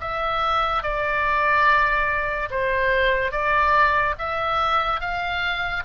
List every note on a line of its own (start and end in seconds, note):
0.00 0.82 E5
0.82 2.49 D5
2.50 3.31 C5
3.31 4.14 D5
4.18 5.00 E5
5.00 5.83 F5